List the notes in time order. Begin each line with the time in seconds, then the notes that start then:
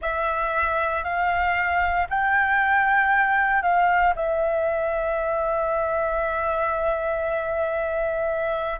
0.01 E5
1.03 F5
2.09 G5
3.62 F5
4.15 E5